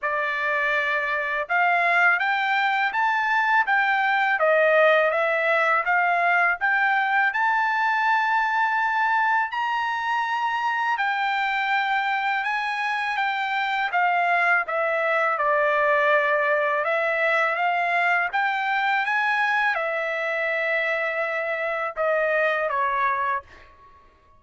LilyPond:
\new Staff \with { instrumentName = "trumpet" } { \time 4/4 \tempo 4 = 82 d''2 f''4 g''4 | a''4 g''4 dis''4 e''4 | f''4 g''4 a''2~ | a''4 ais''2 g''4~ |
g''4 gis''4 g''4 f''4 | e''4 d''2 e''4 | f''4 g''4 gis''4 e''4~ | e''2 dis''4 cis''4 | }